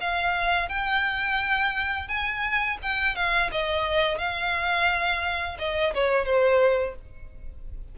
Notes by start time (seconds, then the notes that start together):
0.00 F5
0.68 G5
2.08 G#5
2.82 G5
3.15 F5
3.51 D#5
4.18 F5
5.58 D#5
5.94 C#5
6.25 C5